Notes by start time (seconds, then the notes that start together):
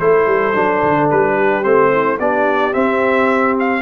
0.00 A3 E4 A4 C5
0.26 G3
0.54 F#3 D4
0.83 D3
1.11 G3 B4
1.36 G4
1.64 A3 C4 C5
1.92 E4
2.19 B3 D4 G4 D5
2.73 C4 E5
3.60 F5